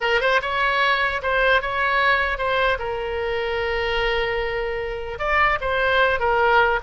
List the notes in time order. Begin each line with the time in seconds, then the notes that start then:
0.01 A#4
0.21 C5
0.41 C#5
1.22 C5
1.61 C#5
2.38 C5
2.79 A#4
5.18 D5
5.61 C5
6.19 A#4